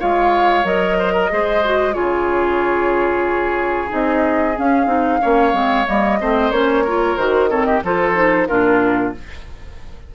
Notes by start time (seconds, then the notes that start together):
0.00 G#3 F4 C#5 F5
0.65 F#3 A#4 D#5
0.99 C5
1.13 A#4
1.30 G#3 G#4 C5
1.65 F#4
1.94 C#3 F4 G#4 C#5
3.89 C4 D#4 D#5
4.58 C#4 F5
4.87 C4 D#4
5.22 A#3 C#4 C#5
5.53 G#3 C4
5.87 G3 A#3 D#5
6.21 A3 C4 C5
6.51 A#3 C#4 C#5
6.85 F4 A#4
7.17 D#3 F#4 C5
7.50 C4 A4 C#5
7.65 G4 D#5
7.84 F3 F4 A4 C5
8.15 D#4
8.47 A#2 D4 F4 A#4